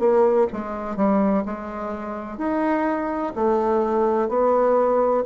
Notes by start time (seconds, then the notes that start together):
0.00 A#3
0.53 G#3
0.97 G3
1.46 G#3
2.38 D#4
3.36 A3
4.29 B3